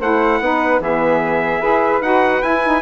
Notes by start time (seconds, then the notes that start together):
0.00 A3 E4 C5 F#5
0.40 B3 D#4 B4
0.80 E3 B3 G#4 E5
1.61 E4 G#4 B4
2.02 D#4 F#4 F#5
2.43 E4 G#5
2.64 D#4